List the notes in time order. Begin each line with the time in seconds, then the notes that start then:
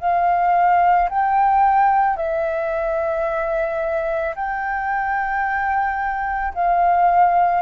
0.00 F5
1.09 G5
2.17 E5
4.35 G5
6.54 F5